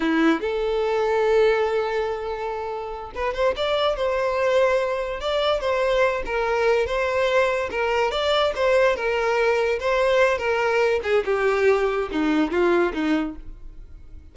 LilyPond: \new Staff \with { instrumentName = "violin" } { \time 4/4 \tempo 4 = 144 e'4 a'2.~ | a'2.~ a'8 b'8 | c''8 d''4 c''2~ c''8~ | c''8 d''4 c''4. ais'4~ |
ais'8 c''2 ais'4 d''8~ | d''8 c''4 ais'2 c''8~ | c''4 ais'4. gis'8 g'4~ | g'4 dis'4 f'4 dis'4 | }